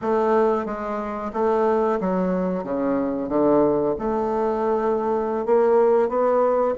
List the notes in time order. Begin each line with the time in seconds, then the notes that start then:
0.01 A3
0.65 G#3
1.33 A3
2.00 F#3
2.63 C#3
3.28 D3
3.98 A3
5.45 A#3
6.08 B3